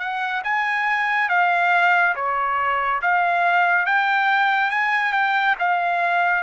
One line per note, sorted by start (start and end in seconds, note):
0.00 0.43 F#5
0.44 1.29 G#5
1.29 2.15 F5
2.15 3.01 C#5
3.02 3.86 F5
3.86 4.71 G5
4.71 5.13 G#5
5.13 5.56 G5
5.59 6.44 F5